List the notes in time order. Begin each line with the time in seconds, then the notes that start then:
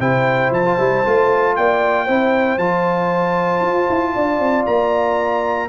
0.00 C3 E4 C5 G5
0.51 F3 A5
0.66 F4
0.79 G3 E4
1.05 A3 F4
1.56 A#3 D5 G5
2.06 C4 E4 C5
2.59 F3 F4 A5
3.62 F4
3.90 E4
4.15 D4 D5
4.40 C4
4.66 A#3 A#5